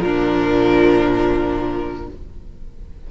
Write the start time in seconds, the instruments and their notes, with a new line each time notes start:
0.00 cello A#2, viola F3, violin D4 A#4